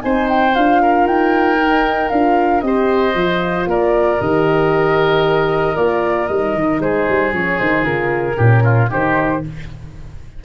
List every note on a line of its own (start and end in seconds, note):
0.00 0.56 C4
0.00 0.52 D#4
0.00 0.82 C5
0.00 0.27 G#5
0.28 0.54 G5
0.54 1.06 D4
0.54 1.59 F4
0.54 1.06 F5
0.82 2.64 A#4
1.06 2.10 D#4
1.06 2.08 G5
1.60 2.12 D#4
2.08 2.62 D4
2.08 2.62 F4
2.08 2.61 F5
2.61 3.14 C4
2.61 3.14 G4
2.61 3.69 C5
2.61 3.65 D#5
3.14 3.66 F3
3.14 4.20 F4
3.66 4.18 A#3
3.66 6.82 A#4
3.66 4.20 D5
4.20 5.76 D#3
4.20 5.75 G4
4.20 5.75 D#5
5.75 6.28 A#3
5.75 6.28 F4
5.75 6.27 D5
6.27 6.54 G3
6.27 7.32 D#4
6.27 6.79 D#5
6.54 6.79 D#3
6.79 7.05 G#3
6.79 8.36 G#4
6.79 7.33 C5
7.08 7.33 G3
7.32 7.59 F3
7.32 7.57 C#4
7.32 7.58 C#5
7.57 7.83 D#3
7.57 7.82 D#4
7.57 7.84 C5
7.82 8.36 C#3
7.82 8.34 F4
7.82 8.88 A#4
8.36 8.91 A#2
8.36 8.88 C#4
8.36 8.62 G4
8.63 8.89 F4
8.88 9.44 D#3
8.88 9.40 D#4
8.88 9.42 G4
8.88 9.44 C5